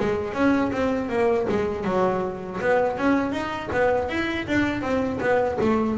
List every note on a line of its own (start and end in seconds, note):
0.00 0.34 G#3
0.34 0.71 C#4
0.72 1.09 C4
1.09 1.47 A#3
1.49 1.85 G#3
1.85 2.60 F#3
2.61 2.98 B3
2.98 3.32 C#4
3.32 3.70 D#4
3.73 4.09 B3
4.09 4.47 E4
4.48 4.82 D4
4.82 5.20 C4
5.21 5.58 B3
5.61 5.98 A3